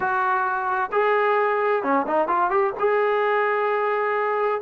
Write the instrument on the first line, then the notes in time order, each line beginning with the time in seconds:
trombone
0.00 F#4
0.92 G#4
1.83 C#4
2.07 D#4
2.28 F4
2.50 G4
2.79 G#4